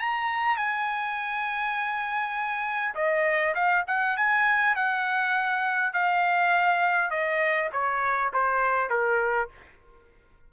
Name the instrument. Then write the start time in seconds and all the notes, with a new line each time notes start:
trumpet
0.00 A#5
0.57 G#5
2.95 D#5
3.55 F5
3.87 F#5
4.17 G#5
4.76 F#5
5.94 F5
7.11 D#5
7.73 C#5
8.33 C5
8.90 A#4